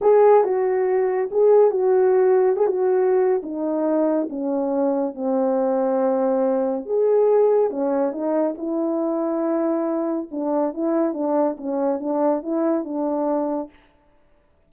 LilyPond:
\new Staff \with { instrumentName = "horn" } { \time 4/4 \tempo 4 = 140 gis'4 fis'2 gis'4 | fis'2 gis'16 fis'4.~ fis'16 | dis'2 cis'2 | c'1 |
gis'2 cis'4 dis'4 | e'1 | d'4 e'4 d'4 cis'4 | d'4 e'4 d'2 | }